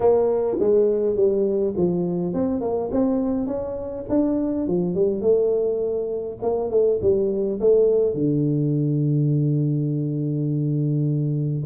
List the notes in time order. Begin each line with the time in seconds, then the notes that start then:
0.00 A#3
0.59 G#3
1.15 G3
1.76 F3
2.33 C4
2.61 A#3
2.91 C4
3.46 C#4
4.09 D4
4.67 F3
4.95 G3
5.21 A3
6.42 A#3
6.70 A3
7.01 G3
7.60 A3
8.14 D3